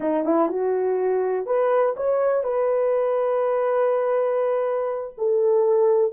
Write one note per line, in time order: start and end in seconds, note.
0.00 0.24 D#4
0.25 0.49 E4
0.49 1.46 F#4
1.46 1.95 B4
1.96 2.43 C#5
2.43 5.13 B4
5.17 6.12 A4